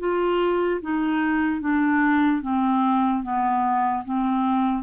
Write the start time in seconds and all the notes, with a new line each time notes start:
0.00 F4
0.82 D#4
1.61 D4
2.42 C4
3.23 B3
4.05 C4